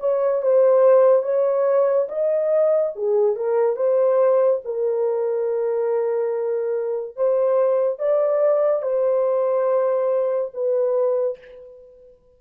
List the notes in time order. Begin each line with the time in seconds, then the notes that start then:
0.00 C#5
0.42 C5
1.23 C#5
2.09 D#5
2.95 G#4
3.36 A#4
3.76 C5
4.65 A#4
7.16 C5
7.99 D5
8.82 C5
10.54 B4